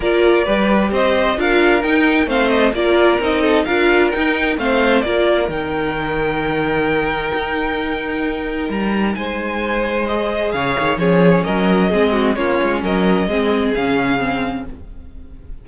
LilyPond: <<
  \new Staff \with { instrumentName = "violin" } { \time 4/4 \tempo 4 = 131 d''2 dis''4 f''4 | g''4 f''8 dis''8 d''4 dis''4 | f''4 g''4 f''4 d''4 | g''1~ |
g''2. ais''4 | gis''2 dis''4 f''4 | cis''4 dis''2 cis''4 | dis''2 f''2 | }
  \new Staff \with { instrumentName = "violin" } { \time 4/4 ais'4 b'4 c''4 ais'4~ | ais'4 c''4 ais'4. a'8 | ais'2 c''4 ais'4~ | ais'1~ |
ais'1 | c''2. cis''4 | gis'4 ais'4 gis'8 fis'8 f'4 | ais'4 gis'2. | }
  \new Staff \with { instrumentName = "viola" } { \time 4/4 f'4 g'2 f'4 | dis'4 c'4 f'4 dis'4 | f'4 dis'4 c'4 f'4 | dis'1~ |
dis'1~ | dis'2 gis'2 | cis'2 c'4 cis'4~ | cis'4 c'4 cis'4 c'4 | }
  \new Staff \with { instrumentName = "cello" } { \time 4/4 ais4 g4 c'4 d'4 | dis'4 a4 ais4 c'4 | d'4 dis'4 a4 ais4 | dis1 |
dis'2. g4 | gis2. cis8 dis8 | f4 fis4 gis4 ais8 gis8 | fis4 gis4 cis2 | }
>>